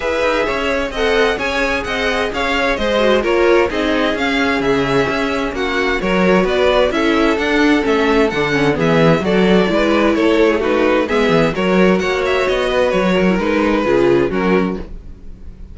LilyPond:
<<
  \new Staff \with { instrumentName = "violin" } { \time 4/4 \tempo 4 = 130 e''2 fis''4 gis''4 | fis''4 f''4 dis''4 cis''4 | dis''4 f''4 e''2 | fis''4 cis''4 d''4 e''4 |
fis''4 e''4 fis''4 e''4 | d''2 cis''4 b'4 | e''4 cis''4 fis''8 e''8 dis''4 | cis''4 b'2 ais'4 | }
  \new Staff \with { instrumentName = "violin" } { \time 4/4 b'4 cis''4 dis''4 cis''4 | dis''4 cis''4 c''4 ais'4 | gis'1 | fis'4 ais'4 b'4 a'4~ |
a'2. gis'4 | a'4 b'4 a'8. gis'16 fis'4 | gis'4 ais'4 cis''4. b'8~ | b'8 ais'4. gis'4 fis'4 | }
  \new Staff \with { instrumentName = "viola" } { \time 4/4 gis'2 a'4 gis'4~ | gis'2~ gis'8 fis'8 f'4 | dis'4 cis'2.~ | cis'4 fis'2 e'4 |
d'4 cis'4 d'8 cis'8 b4 | fis'4 e'2 dis'4 | b4 fis'2.~ | fis'8. e'16 dis'4 f'4 cis'4 | }
  \new Staff \with { instrumentName = "cello" } { \time 4/4 e'8 dis'8 cis'4 c'4 cis'4 | c'4 cis'4 gis4 ais4 | c'4 cis'4 cis4 cis'4 | ais4 fis4 b4 cis'4 |
d'4 a4 d4 e4 | fis4 gis4 a2 | gis8 e8 fis4 ais4 b4 | fis4 gis4 cis4 fis4 | }
>>